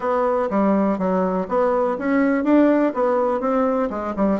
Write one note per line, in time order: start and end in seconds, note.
0.00 0.49 B3
0.50 0.98 G3
0.98 1.47 F#3
1.48 1.97 B3
1.98 2.44 C#4
2.44 2.93 D4
2.94 3.40 B3
3.40 3.89 C4
3.90 4.14 G#3
4.16 4.40 G3